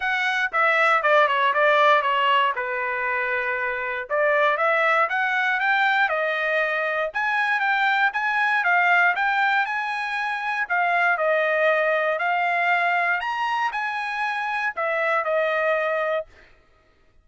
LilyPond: \new Staff \with { instrumentName = "trumpet" } { \time 4/4 \tempo 4 = 118 fis''4 e''4 d''8 cis''8 d''4 | cis''4 b'2. | d''4 e''4 fis''4 g''4 | dis''2 gis''4 g''4 |
gis''4 f''4 g''4 gis''4~ | gis''4 f''4 dis''2 | f''2 ais''4 gis''4~ | gis''4 e''4 dis''2 | }